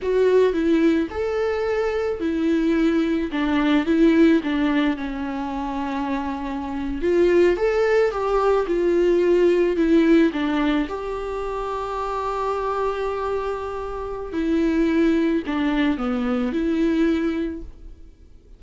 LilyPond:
\new Staff \with { instrumentName = "viola" } { \time 4/4 \tempo 4 = 109 fis'4 e'4 a'2 | e'2 d'4 e'4 | d'4 cis'2.~ | cis'8. f'4 a'4 g'4 f'16~ |
f'4.~ f'16 e'4 d'4 g'16~ | g'1~ | g'2 e'2 | d'4 b4 e'2 | }